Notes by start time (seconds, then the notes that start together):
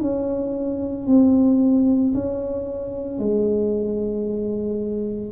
0.00 C#4
1.06 C4
2.14 C#4
3.19 G#3